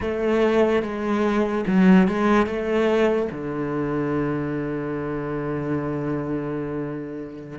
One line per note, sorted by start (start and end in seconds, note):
0.00 0.82 A3
0.82 1.64 G#3
1.66 2.07 F#3
2.07 2.46 G#3
2.46 3.28 A3
3.31 7.58 D3